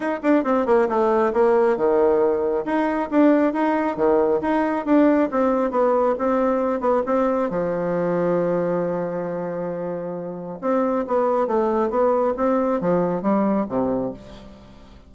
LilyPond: \new Staff \with { instrumentName = "bassoon" } { \time 4/4 \tempo 4 = 136 dis'8 d'8 c'8 ais8 a4 ais4 | dis2 dis'4 d'4 | dis'4 dis4 dis'4 d'4 | c'4 b4 c'4. b8 |
c'4 f2.~ | f1 | c'4 b4 a4 b4 | c'4 f4 g4 c4 | }